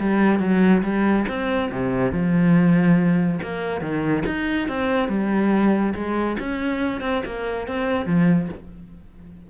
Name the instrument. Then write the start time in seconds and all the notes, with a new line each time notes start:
cello
0.00 G3
0.40 F#3
0.83 G3
1.28 C4
1.72 C3
2.12 F3
3.43 A#3
3.81 D#3
4.26 D#4
4.68 C4
5.09 G3
5.95 G#3
6.40 C#4
7.01 C4
7.26 A#3
7.68 C4
8.06 F3